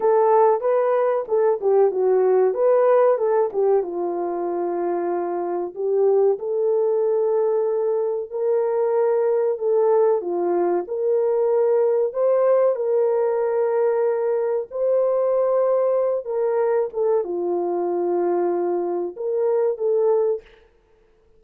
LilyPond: \new Staff \with { instrumentName = "horn" } { \time 4/4 \tempo 4 = 94 a'4 b'4 a'8 g'8 fis'4 | b'4 a'8 g'8 f'2~ | f'4 g'4 a'2~ | a'4 ais'2 a'4 |
f'4 ais'2 c''4 | ais'2. c''4~ | c''4. ais'4 a'8 f'4~ | f'2 ais'4 a'4 | }